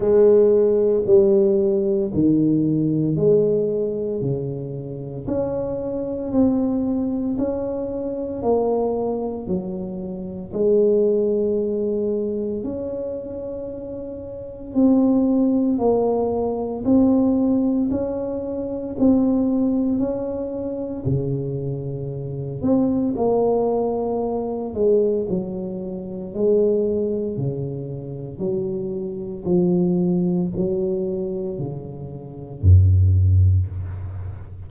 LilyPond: \new Staff \with { instrumentName = "tuba" } { \time 4/4 \tempo 4 = 57 gis4 g4 dis4 gis4 | cis4 cis'4 c'4 cis'4 | ais4 fis4 gis2 | cis'2 c'4 ais4 |
c'4 cis'4 c'4 cis'4 | cis4. c'8 ais4. gis8 | fis4 gis4 cis4 fis4 | f4 fis4 cis4 fis,4 | }